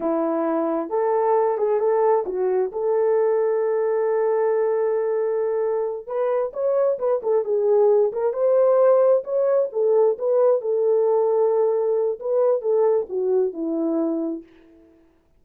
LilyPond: \new Staff \with { instrumentName = "horn" } { \time 4/4 \tempo 4 = 133 e'2 a'4. gis'8 | a'4 fis'4 a'2~ | a'1~ | a'4. b'4 cis''4 b'8 |
a'8 gis'4. ais'8 c''4.~ | c''8 cis''4 a'4 b'4 a'8~ | a'2. b'4 | a'4 fis'4 e'2 | }